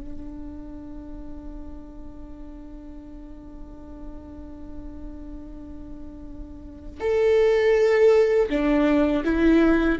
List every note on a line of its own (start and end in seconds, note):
0.00 7.00 D4
7.00 8.48 A4
8.49 9.23 D4
9.24 9.98 E4